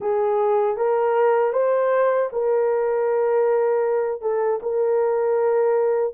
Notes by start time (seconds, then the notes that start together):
0.00 G#4
0.76 A#4
1.52 C5
2.32 A#4
4.21 A4
4.62 A#4